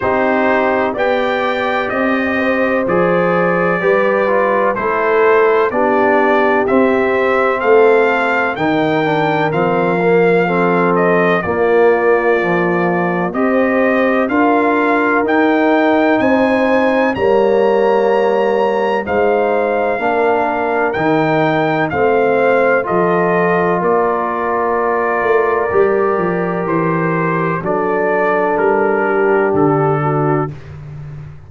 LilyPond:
<<
  \new Staff \with { instrumentName = "trumpet" } { \time 4/4 \tempo 4 = 63 c''4 g''4 dis''4 d''4~ | d''4 c''4 d''4 e''4 | f''4 g''4 f''4. dis''8 | d''2 dis''4 f''4 |
g''4 gis''4 ais''2 | f''2 g''4 f''4 | dis''4 d''2. | c''4 d''4 ais'4 a'4 | }
  \new Staff \with { instrumentName = "horn" } { \time 4/4 g'4 d''4. c''4. | b'4 a'4 g'2 | a'4 ais'2 a'4 | f'2 c''4 ais'4~ |
ais'4 c''4 cis''2 | c''4 ais'2 c''4 | a'4 ais'2.~ | ais'4 a'4. g'4 fis'8 | }
  \new Staff \with { instrumentName = "trombone" } { \time 4/4 dis'4 g'2 gis'4 | g'8 f'8 e'4 d'4 c'4~ | c'4 dis'8 d'8 c'8 ais8 c'4 | ais4 f4 g'4 f'4 |
dis'2 ais2 | dis'4 d'4 dis'4 c'4 | f'2. g'4~ | g'4 d'2. | }
  \new Staff \with { instrumentName = "tuba" } { \time 4/4 c'4 b4 c'4 f4 | g4 a4 b4 c'4 | a4 dis4 f2 | ais2 c'4 d'4 |
dis'4 c'4 g2 | gis4 ais4 dis4 a4 | f4 ais4. a8 g8 f8 | e4 fis4 g4 d4 | }
>>